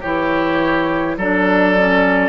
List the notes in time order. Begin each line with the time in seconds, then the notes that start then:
0.00 E3 E4 G4 C#5
1.17 F#3 D4 A4 D5
1.77 C#4